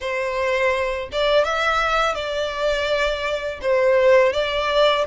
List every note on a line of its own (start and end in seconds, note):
0.00 1.09 C5
1.12 1.44 D5
1.44 2.15 E5
2.15 3.59 D5
3.61 4.32 C5
4.32 5.04 D5